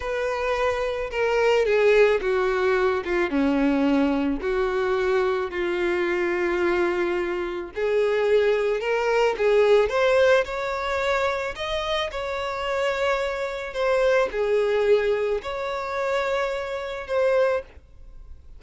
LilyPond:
\new Staff \with { instrumentName = "violin" } { \time 4/4 \tempo 4 = 109 b'2 ais'4 gis'4 | fis'4. f'8 cis'2 | fis'2 f'2~ | f'2 gis'2 |
ais'4 gis'4 c''4 cis''4~ | cis''4 dis''4 cis''2~ | cis''4 c''4 gis'2 | cis''2. c''4 | }